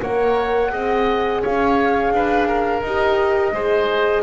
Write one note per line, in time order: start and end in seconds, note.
0.00 0.73 A#3
0.00 0.70 A#4
0.00 0.72 C#5
0.00 1.43 F#5
0.70 1.44 C4
0.70 2.82 G#4
0.70 1.42 D#5
1.42 2.11 C#4
1.42 2.12 C#5
1.42 2.82 F5
2.11 2.82 D4
2.11 2.48 B4
2.48 3.54 A#4
2.82 3.52 D#4
2.82 3.54 G4
2.82 4.22 D#5
3.52 4.22 G#3
3.52 4.22 G#4
3.52 4.22 C5